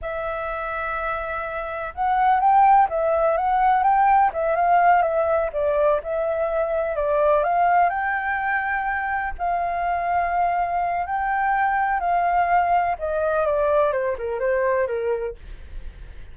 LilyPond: \new Staff \with { instrumentName = "flute" } { \time 4/4 \tempo 4 = 125 e''1 | fis''4 g''4 e''4 fis''4 | g''4 e''8 f''4 e''4 d''8~ | d''8 e''2 d''4 f''8~ |
f''8 g''2. f''8~ | f''2. g''4~ | g''4 f''2 dis''4 | d''4 c''8 ais'8 c''4 ais'4 | }